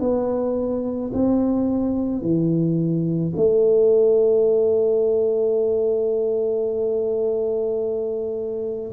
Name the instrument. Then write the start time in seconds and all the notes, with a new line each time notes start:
tuba
0.00 B3
1.13 C4
2.22 E3
3.37 A3